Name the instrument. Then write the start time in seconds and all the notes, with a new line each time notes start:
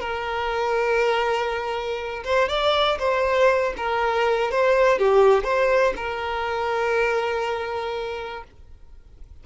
violin
0.00 A#4
2.24 C5
2.48 D5
2.99 C5
3.77 A#4
4.51 C5
4.98 G4
5.44 C5
5.96 A#4